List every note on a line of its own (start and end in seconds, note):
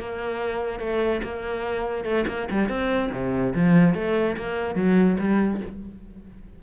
0.00 0.80 A#3
0.80 1.22 A3
1.24 2.05 A#3
2.05 2.26 A3
2.28 2.49 A#3
2.51 2.69 G3
2.69 3.11 C4
3.12 3.54 C3
3.55 3.95 F3
3.95 4.37 A3
4.37 4.76 A#3
4.76 5.17 F#3
5.20 5.61 G3